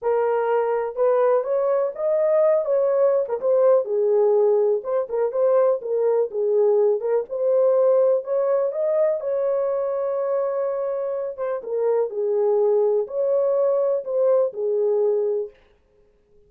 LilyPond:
\new Staff \with { instrumentName = "horn" } { \time 4/4 \tempo 4 = 124 ais'2 b'4 cis''4 | dis''4. cis''4~ cis''16 ais'16 c''4 | gis'2 c''8 ais'8 c''4 | ais'4 gis'4. ais'8 c''4~ |
c''4 cis''4 dis''4 cis''4~ | cis''2.~ cis''8 c''8 | ais'4 gis'2 cis''4~ | cis''4 c''4 gis'2 | }